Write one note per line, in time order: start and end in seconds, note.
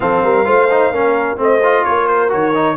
0.00 0.23 F3
0.00 0.44 C4
0.00 0.23 A4
0.00 1.38 F5
0.23 0.46 G3
0.23 0.46 A#4
0.44 0.90 A3
0.44 0.67 F4
0.44 0.92 C5
0.70 0.93 D#4
0.90 1.36 A#3
0.90 1.36 C#4
0.90 1.39 A#4
1.36 1.84 A3
1.36 1.59 C4
1.36 1.85 C5
1.42 1.84 D#5
1.63 2.28 F4
1.84 2.33 A#3
1.84 2.76 A#4
1.84 2.07 C#5
2.07 2.30 C5
2.28 2.76 D#3
2.28 2.52 F#4
2.28 2.76 C#5
2.54 2.76 D#4